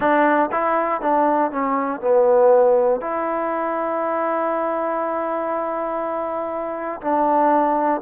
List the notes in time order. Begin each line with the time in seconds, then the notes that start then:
0.00 D4
0.51 E4
1.01 D4
1.50 C#4
2.00 B3
3.00 E4
7.00 D4